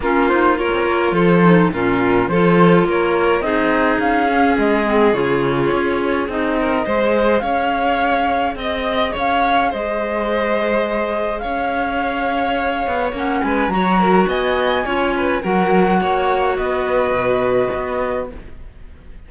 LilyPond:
<<
  \new Staff \with { instrumentName = "flute" } { \time 4/4 \tempo 4 = 105 ais'8 c''8 cis''4 c''4 ais'4 | c''4 cis''4 dis''4 f''4 | dis''4 cis''2 dis''4~ | dis''4 f''2 dis''4 |
f''4 dis''2. | f''2. fis''8 gis''8 | ais''4 gis''2 fis''4~ | fis''4 dis''2. | }
  \new Staff \with { instrumentName = "violin" } { \time 4/4 f'4 ais'4 a'4 f'4 | a'4 ais'4 gis'2~ | gis'2.~ gis'8 ais'8 | c''4 cis''2 dis''4 |
cis''4 c''2. | cis''2.~ cis''8 b'8 | cis''8 ais'8 dis''4 cis''8 b'8 ais'4 | cis''4 b'2. | }
  \new Staff \with { instrumentName = "clarinet" } { \time 4/4 cis'8 dis'8 f'4. dis'8 cis'4 | f'2 dis'4. cis'8~ | cis'8 c'8 f'2 dis'4 | gis'1~ |
gis'1~ | gis'2. cis'4 | fis'2 f'4 fis'4~ | fis'1 | }
  \new Staff \with { instrumentName = "cello" } { \time 4/4 ais4~ ais16 c'16 ais8 f4 ais,4 | f4 ais4 c'4 cis'4 | gis4 cis4 cis'4 c'4 | gis4 cis'2 c'4 |
cis'4 gis2. | cis'2~ cis'8 b8 ais8 gis8 | fis4 b4 cis'4 fis4 | ais4 b4 b,4 b4 | }
>>